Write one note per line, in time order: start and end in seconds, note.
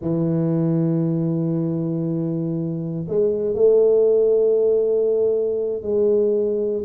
0.01 3.06 E3
3.08 3.54 G#3
3.54 5.82 A3
5.82 6.84 G#3